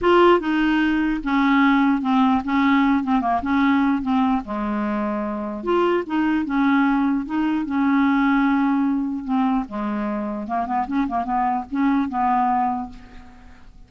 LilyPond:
\new Staff \with { instrumentName = "clarinet" } { \time 4/4 \tempo 4 = 149 f'4 dis'2 cis'4~ | cis'4 c'4 cis'4. c'8 | ais8 cis'4. c'4 gis4~ | gis2 f'4 dis'4 |
cis'2 dis'4 cis'4~ | cis'2. c'4 | gis2 ais8 b8 cis'8 ais8 | b4 cis'4 b2 | }